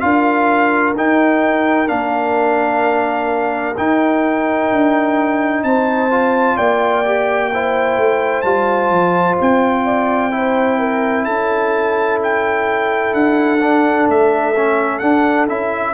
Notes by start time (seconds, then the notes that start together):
0.00 D4 F4 A#4 F5
0.96 D#4 G5
1.88 A#3 D4 F5
3.77 D#4 G5
4.72 D4
5.63 C4 C5 A5
6.11 F4
6.56 A#3 D5 G5
7.05 G4
7.53 E4 C5
7.97 A3
8.42 G3 F4 A5
8.90 F3
9.41 C4 G5
9.85 D5
10.31 E4 C5
10.79 A#4
11.25 C#4 A4 A5
12.23 G5
13.14 D4 F#5
13.61 D4
14.09 A3 E5
14.56 C#4
14.99 D4 F#5
15.48 C#4 E4 E5